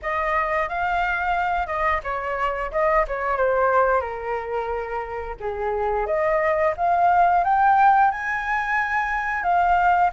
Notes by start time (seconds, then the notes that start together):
0.02 D#5
0.69 F5
1.66 D#5
2.03 C#5
2.72 D#5
3.07 C#5
3.37 C5
4.01 A#4
5.39 G#4
6.06 D#5
6.77 F5
7.43 G5
8.11 G#5
9.43 F5